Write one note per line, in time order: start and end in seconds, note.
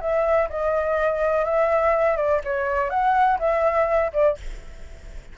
0.00 0.48 E5
0.49 1.45 D#5
1.45 2.16 E5
2.16 2.41 D5
2.44 2.89 C#5
2.89 3.38 F#5
3.39 4.11 E5
4.13 4.37 D5